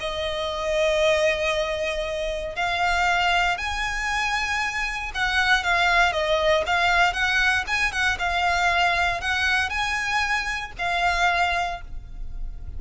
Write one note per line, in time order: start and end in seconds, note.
0.00 2.56 D#5
2.56 3.58 F5
3.58 5.12 G#5
5.15 5.64 F#5
5.64 6.13 F5
6.13 6.64 D#5
6.67 7.13 F5
7.13 7.65 F#5
7.67 7.92 G#5
7.92 8.18 F#5
8.19 9.21 F5
9.21 9.70 F#5
9.70 10.72 G#5
10.79 11.81 F5